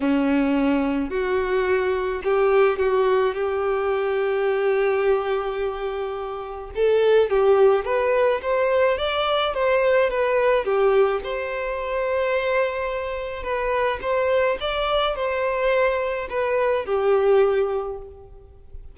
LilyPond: \new Staff \with { instrumentName = "violin" } { \time 4/4 \tempo 4 = 107 cis'2 fis'2 | g'4 fis'4 g'2~ | g'1 | a'4 g'4 b'4 c''4 |
d''4 c''4 b'4 g'4 | c''1 | b'4 c''4 d''4 c''4~ | c''4 b'4 g'2 | }